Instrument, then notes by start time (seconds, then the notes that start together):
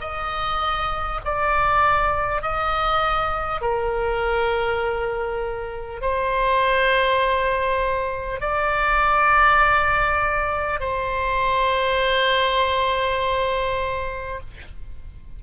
oboe
0.00 D#5
1.24 D5
2.42 D#5
3.61 A#4
6.01 C5
8.40 D5
10.79 C5